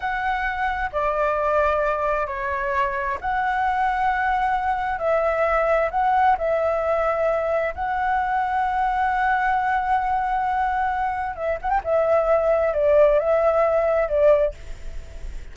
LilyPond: \new Staff \with { instrumentName = "flute" } { \time 4/4 \tempo 4 = 132 fis''2 d''2~ | d''4 cis''2 fis''4~ | fis''2. e''4~ | e''4 fis''4 e''2~ |
e''4 fis''2.~ | fis''1~ | fis''4 e''8 fis''16 g''16 e''2 | d''4 e''2 d''4 | }